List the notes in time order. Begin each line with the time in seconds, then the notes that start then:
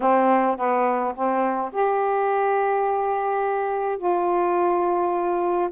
0.00 C4
0.57 B3
1.14 C4
1.72 G4
3.98 F4